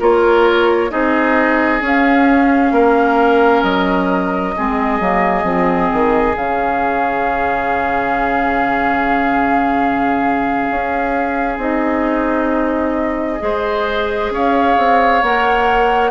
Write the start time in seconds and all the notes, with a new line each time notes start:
0.00 A#3 F4 A#4 C#5
0.90 C4 D#4 G#4 D#5
1.81 C#4 F5
2.72 A#3 A#4
3.63 F#3 D#5
4.56 G#3 C4 G#4
5.00 F#3 A#3
5.44 F3 C4
5.93 D#3
6.36 C#3 C#4 F5
10.70 C#4
11.58 C4 D#4 D#5
13.39 G#3 G#4 C5
14.31 C#4 C#5 F5
14.78 C4
15.22 A#3 A#4 F#5